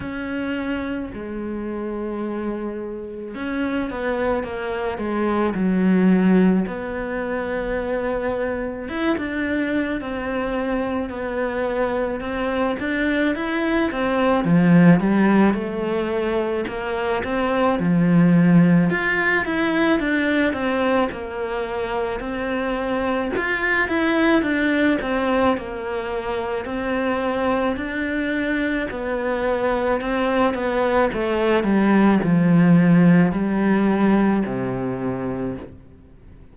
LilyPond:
\new Staff \with { instrumentName = "cello" } { \time 4/4 \tempo 4 = 54 cis'4 gis2 cis'8 b8 | ais8 gis8 fis4 b2 | e'16 d'8. c'4 b4 c'8 d'8 | e'8 c'8 f8 g8 a4 ais8 c'8 |
f4 f'8 e'8 d'8 c'8 ais4 | c'4 f'8 e'8 d'8 c'8 ais4 | c'4 d'4 b4 c'8 b8 | a8 g8 f4 g4 c4 | }